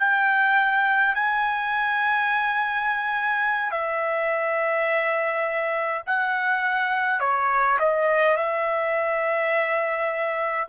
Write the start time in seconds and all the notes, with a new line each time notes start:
0.00 G5
1.15 G#5
3.72 E5
6.07 F#5
7.21 C#5
7.79 D#5
8.37 E5